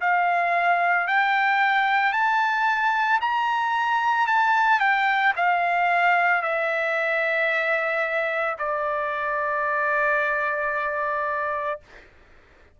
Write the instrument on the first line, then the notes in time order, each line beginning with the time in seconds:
trumpet
0.00 F5
1.07 G5
2.12 A5
3.20 A#5
4.27 A5
4.79 G5
5.36 F5
6.42 E5
8.59 D5